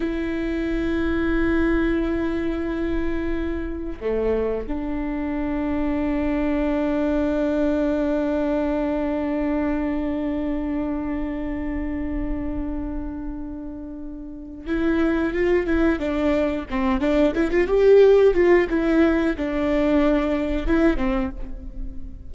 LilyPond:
\new Staff \with { instrumentName = "viola" } { \time 4/4 \tempo 4 = 90 e'1~ | e'2 a4 d'4~ | d'1~ | d'1~ |
d'1~ | d'2 e'4 f'8 e'8 | d'4 c'8 d'8 e'16 f'16 g'4 f'8 | e'4 d'2 e'8 c'8 | }